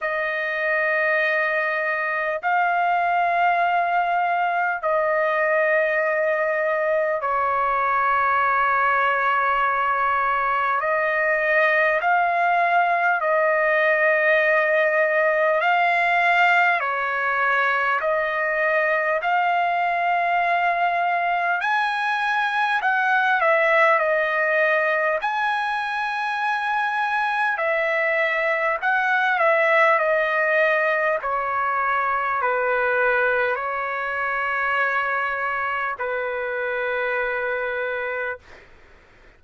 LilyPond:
\new Staff \with { instrumentName = "trumpet" } { \time 4/4 \tempo 4 = 50 dis''2 f''2 | dis''2 cis''2~ | cis''4 dis''4 f''4 dis''4~ | dis''4 f''4 cis''4 dis''4 |
f''2 gis''4 fis''8 e''8 | dis''4 gis''2 e''4 | fis''8 e''8 dis''4 cis''4 b'4 | cis''2 b'2 | }